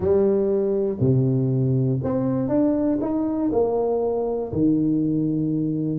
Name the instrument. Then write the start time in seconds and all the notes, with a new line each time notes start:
tuba
0.00 G3
1.00 C3
2.03 C4
2.48 D4
3.00 D#4
3.51 A#3
4.52 D#3